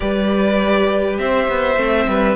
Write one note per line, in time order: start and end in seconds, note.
0.00 1.18 G3
0.00 1.76 G4
0.00 1.20 B4
0.00 1.16 D5
1.18 1.48 C4
1.18 2.09 C5
1.18 2.36 E5
1.48 1.76 B3
1.76 2.06 A3
1.76 2.35 C4
2.06 2.36 G3
2.06 2.36 B4